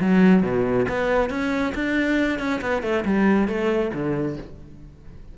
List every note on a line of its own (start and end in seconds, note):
0.00 0.42 F#3
0.42 0.86 B2
0.89 1.30 B3
1.30 1.73 C#4
1.74 2.39 D4
2.39 2.60 C#4
2.61 2.82 B3
2.82 3.04 A3
3.05 3.47 G3
3.47 3.91 A3
3.93 4.37 D3